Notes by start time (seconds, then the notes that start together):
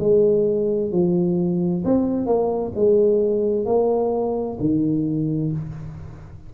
0.00 G#3
0.92 F3
1.85 C4
2.27 A#3
2.75 G#3
3.66 A#3
4.60 D#3